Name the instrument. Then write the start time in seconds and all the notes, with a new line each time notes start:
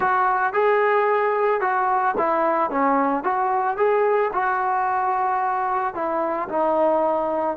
trombone
0.00 F#4
0.53 G#4
1.60 F#4
2.17 E4
2.70 C#4
3.23 F#4
3.77 G#4
4.33 F#4
5.94 E4
6.49 D#4